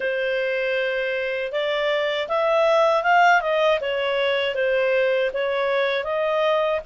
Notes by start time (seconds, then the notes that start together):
0.00 C5
1.52 D5
2.28 E5
3.03 F5
3.41 D#5
3.80 C#5
4.54 C5
5.33 C#5
6.03 D#5